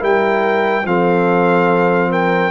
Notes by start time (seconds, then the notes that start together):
0.00 G3 E4 A#4 G5
0.86 F3 C4 A4 F5
2.11 A#4 G5